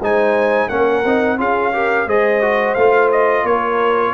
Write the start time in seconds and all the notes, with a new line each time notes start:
0.00 G#3 D#4 C5 G#5
0.68 A#3 C#4 A#4 F#5
1.04 C4 D#4
1.38 C#4 F4 G#4 F5
1.73 G4 A#4
2.06 G#3 G#4 C5 D#5
2.42 F#4
2.74 A3 F4 F5
3.11 D#5
3.43 A#3 A#4 C#5